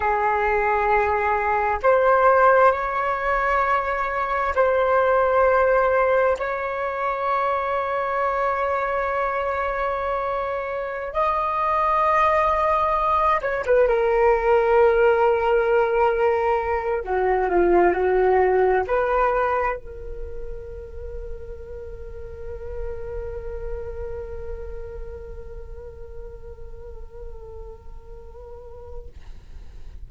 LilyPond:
\new Staff \with { instrumentName = "flute" } { \time 4/4 \tempo 4 = 66 gis'2 c''4 cis''4~ | cis''4 c''2 cis''4~ | cis''1~ | cis''16 dis''2~ dis''8 cis''16 b'16 ais'8.~ |
ais'2~ ais'8. fis'8 f'8 fis'16~ | fis'8. b'4 ais'2~ ais'16~ | ais'1~ | ais'1 | }